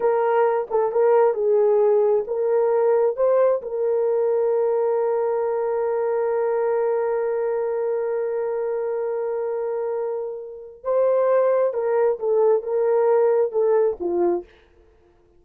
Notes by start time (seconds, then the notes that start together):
0.00 A#4
0.70 A4
0.91 A#4
1.34 G#4
2.27 A#4
3.16 C5
3.62 A#4
10.83 C5
11.73 A#4
12.19 A4
12.62 A#4
13.52 A4
14.00 F4